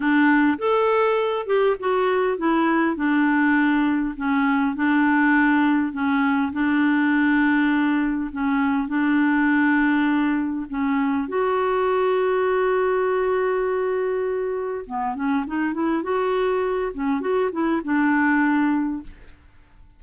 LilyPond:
\new Staff \with { instrumentName = "clarinet" } { \time 4/4 \tempo 4 = 101 d'4 a'4. g'8 fis'4 | e'4 d'2 cis'4 | d'2 cis'4 d'4~ | d'2 cis'4 d'4~ |
d'2 cis'4 fis'4~ | fis'1~ | fis'4 b8 cis'8 dis'8 e'8 fis'4~ | fis'8 cis'8 fis'8 e'8 d'2 | }